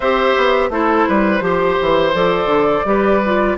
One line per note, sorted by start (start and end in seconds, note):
0.00 0.35 C4
0.00 0.71 G4
0.00 0.69 C5
0.00 0.71 E5
0.37 0.69 B3
0.69 1.05 A3
0.69 1.40 E4
0.69 1.08 A4
0.69 2.14 C5
1.08 1.40 G3
1.08 1.43 B4
1.40 1.76 F3
1.40 2.11 G4
1.40 2.86 C5
1.81 2.14 E3
2.14 2.45 F3
2.14 2.85 A4
2.14 3.57 D5
2.45 2.81 D3
2.85 3.56 G3
2.85 3.21 G4
2.85 3.57 B4
3.25 3.57 F4